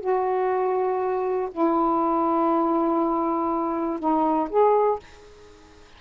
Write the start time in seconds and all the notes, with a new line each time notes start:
0.00 F#4
1.51 E4
3.99 D#4
4.49 G#4